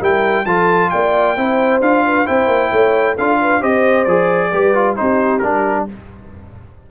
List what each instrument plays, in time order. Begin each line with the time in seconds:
0.00 tuba G3, trombone E4, horn A#4, trumpet G5
0.45 tuba F3, trombone F4, horn A4, trumpet A5
0.90 tuba A#3, horn D5, trumpet G5
1.37 tuba C4, trombone E4, horn C5
1.81 tuba D4, trombone F4, trumpet F5
2.06 horn B4
2.26 tuba C4, trombone E4, horn C5, trumpet G5
2.47 tuba A#3
2.71 tuba A3, horn C#5
3.17 tuba D4, trombone F4, horn A4, trumpet F5
3.42 horn B4
3.60 tuba C4, trombone G4, horn C5, trumpet D#5
4.05 tuba F3, trombone G#4, trumpet D5
4.52 tuba G3, trombone G4, horn B4
4.75 trombone F4
4.96 tuba C4, trombone D#4, horn G4, trumpet C5
5.39 tuba G3, trombone D4, trumpet A#4